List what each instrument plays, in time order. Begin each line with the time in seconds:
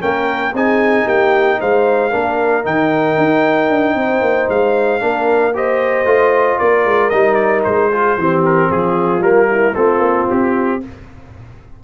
0.00 tuba A#3, trombone C#4, horn A#4, trumpet G5
0.53 tuba C4, trombone D#4, horn G#4, trumpet G#5
1.04 tuba A#3, horn G4, trumpet G5
1.60 tuba G#3, horn C5, trumpet F5
2.10 tuba A#3, trombone D4, horn A#4
2.63 tuba D#3, trombone D#4, trumpet G5
3.18 tuba D#4
3.70 tuba D4
3.95 tuba C4, horn C5
4.21 tuba A#3
4.49 tuba G#3, trumpet F5
5.00 tuba A#3, trombone D4, horn A#4
5.54 trombone G4, horn C5, trumpet D#5
6.05 tuba A3, trombone F4
6.59 tuba A#3, horn A#4, trumpet D5
6.85 tuba G#3
7.10 tuba G3, trombone D#4, trumpet D#5
7.34 trumpet D5
7.64 tuba G#3, trumpet C5
7.91 trombone F4, horn G#4
8.17 tuba E3, trombone C4, horn G4
8.45 trumpet A#4
8.70 tuba F3, horn F4, trumpet G#4
9.19 tuba G3, trombone A#3, trumpet A#4
9.50 horn E4
9.75 tuba A3, trombone C4, horn F4, trumpet A4
9.98 tuba A#3
10.30 tuba C4, trumpet G4